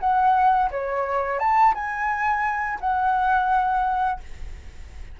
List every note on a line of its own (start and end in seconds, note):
0.00 0.70 F#5
0.71 1.39 C#5
1.39 1.74 A5
1.74 2.79 G#5
2.81 4.20 F#5